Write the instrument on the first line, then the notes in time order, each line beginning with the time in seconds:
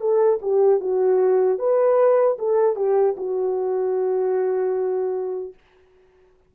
horn
0.00 A4
0.42 G4
0.80 F#4
1.59 B4
2.39 A4
2.76 G4
3.17 F#4